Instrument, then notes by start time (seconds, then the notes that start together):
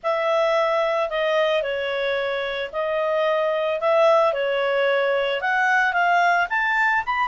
clarinet
0.03 E5
1.09 D#5
1.62 C#5
2.72 D#5
3.80 E5
4.33 C#5
5.41 F#5
5.93 F5
6.49 A5
7.06 B5